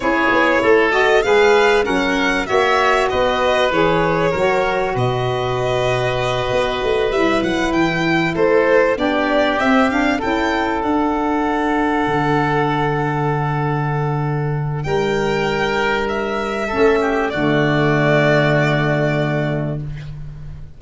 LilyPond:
<<
  \new Staff \with { instrumentName = "violin" } { \time 4/4 \tempo 4 = 97 cis''4. dis''8 f''4 fis''4 | e''4 dis''4 cis''2 | dis''2.~ dis''8 e''8 | fis''8 g''4 c''4 d''4 e''8 |
f''8 g''4 fis''2~ fis''8~ | fis''1 | g''2 e''2 | d''1 | }
  \new Staff \with { instrumentName = "oboe" } { \time 4/4 gis'4 a'4 b'4 ais'4 | cis''4 b'2 ais'4 | b'1~ | b'4. a'4 g'4.~ |
g'8 a'2.~ a'8~ | a'1 | ais'2. a'8 g'8 | fis'1 | }
  \new Staff \with { instrumentName = "saxophone" } { \time 4/4 e'4. fis'8 gis'4 cis'4 | fis'2 gis'4 fis'4~ | fis'2.~ fis'8 e'8~ | e'2~ e'8 d'4 c'8 |
d'8 e'4 d'2~ d'8~ | d'1~ | d'2. cis'4 | a1 | }
  \new Staff \with { instrumentName = "tuba" } { \time 4/4 cis'8 b8 a4 gis4 fis4 | ais4 b4 e4 fis4 | b,2~ b,8 b8 a8 g8 | fis8 e4 a4 b4 c'8~ |
c'8 cis'4 d'2 d8~ | d1 | g2. a4 | d1 | }
>>